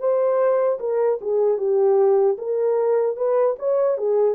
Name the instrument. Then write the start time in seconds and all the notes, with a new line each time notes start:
horn
0.00 C5
0.80 A#4
1.22 G#4
1.58 G4
2.38 A#4
3.17 B4
3.59 C#5
3.98 G#4